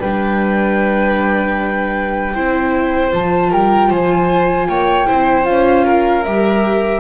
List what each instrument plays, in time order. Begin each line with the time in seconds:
0.00 double bass G3, viola D4, violin B4, flute G5
2.34 double bass C4, viola E4, violin C5
3.11 double bass F3, viola F4, flute A5
3.50 double bass G3, violin A#4, flute G5
3.89 double bass F3, violin C5, flute G#5
4.69 double bass A#3, violin C#5, flute G5
5.06 double bass C4, viola E4, violin C5
5.45 double bass C#4, viola F4, flute F5
5.84 violin A#4
6.23 double bass G3, viola G4, flute E5